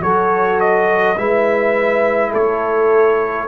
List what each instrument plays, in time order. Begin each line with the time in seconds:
0.00 tuba F#3, trombone F#4, horn A4, trumpet C#5
0.60 trumpet D#5
1.17 tuba G#3, trombone E4, horn B4, trumpet E5
2.30 tuba A3, horn A4, trumpet C#5